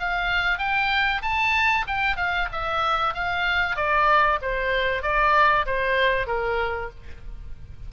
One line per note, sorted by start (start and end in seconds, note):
0.00 0.59 F5
0.59 1.22 G5
1.22 1.85 A5
1.88 2.17 G5
2.17 2.48 F5
2.52 3.14 E5
3.14 3.76 F5
3.76 4.40 D5
4.42 5.03 C5
5.03 5.66 D5
5.66 6.27 C5
6.27 6.90 A#4